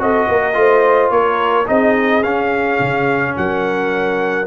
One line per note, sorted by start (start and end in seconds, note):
0.00 0.28 C4
0.00 0.54 F#4
0.00 0.30 A4
0.00 1.11 D#5
0.29 0.56 A#3
0.29 0.59 A#4
0.54 1.11 A3
0.54 1.66 F4
0.54 1.13 C5
1.11 1.67 A#3
1.11 1.68 A#4
1.11 1.67 C#5
1.67 2.23 C4
1.67 2.23 D#4
1.67 3.36 G#4
1.67 2.24 D#5
2.23 2.80 C#4
2.23 4.47 C#4
2.23 3.36 F5
2.80 3.36 C#3
3.37 4.47 F#3
3.37 4.47 A#4
3.37 4.47 F#5